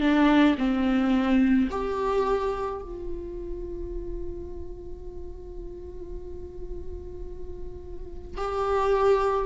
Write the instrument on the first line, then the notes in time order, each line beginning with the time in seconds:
viola
0.00 D4
0.58 C4
1.70 G4
2.82 F4
8.37 G4